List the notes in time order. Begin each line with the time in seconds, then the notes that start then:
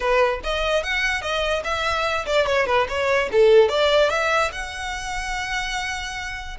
0.00 B4
0.43 D#5
0.83 F#5
1.21 D#5
1.63 E5
2.25 D5
2.46 C#5
2.66 B4
2.88 C#5
3.31 A4
3.69 D5
4.10 E5
4.51 F#5